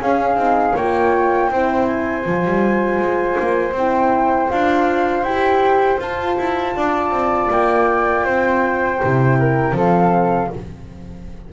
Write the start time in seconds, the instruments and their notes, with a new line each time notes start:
0.00 horn C#4, double bass C#4, flute G#4 F5
0.35 double bass C4, horn D#4
0.75 double bass A#3, horn F4, flute C#5 G5
1.50 double bass C4, horn E4, flute C5
1.86 flute G#5
2.23 double bass F3, horn F4
2.45 double bass G3
2.99 double bass G#3
3.39 double bass A#3
3.72 double bass C4, horn E4, flute G5
4.49 double bass D4, horn F4, flute F5
5.23 double bass E4, horn G4, flute G5
6.00 double bass F4, horn F4, flute A5
6.38 double bass E4
6.76 double bass D4, flute D5
7.10 double bass C4
7.50 double bass A#3, flute G5
8.24 double bass C4, flute C5
9.01 double bass C3, horn E4
9.39 flute A#4
9.72 double bass F3, horn C4, flute A4 F5